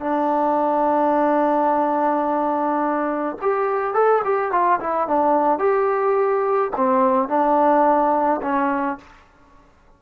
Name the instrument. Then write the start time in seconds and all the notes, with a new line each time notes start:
trombone
0.00 D4
3.42 G4
3.94 A4
4.25 G4
4.52 F4
4.80 E4
5.08 D4
5.59 G4
6.77 C4
7.29 D4
8.42 C#4